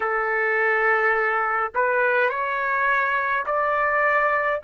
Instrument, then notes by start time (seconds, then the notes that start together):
trumpet
0.00 A4
1.74 B4
2.29 C#5
3.46 D5